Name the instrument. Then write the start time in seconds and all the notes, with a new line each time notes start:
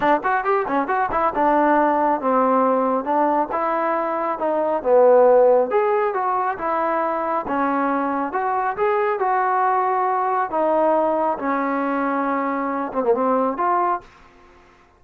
trombone
0.00 D4
0.23 F#4
0.44 G4
0.67 C#4
0.87 F#4
1.11 E4
1.34 D4
2.20 C4
3.04 D4
3.52 E4
4.38 D#4
4.82 B3
5.70 G#4
6.14 F#4
6.58 E4
7.47 C#4
8.32 F#4
8.77 G#4
9.19 F#4
10.50 D#4
11.38 C#4
12.92 C4
13.03 A#3
13.13 C4
13.57 F4